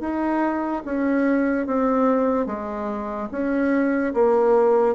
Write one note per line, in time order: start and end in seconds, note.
0.00 0.82 D#4
0.85 1.66 C#4
1.66 2.46 C4
2.46 3.28 G#3
3.31 4.13 C#4
4.13 4.95 A#3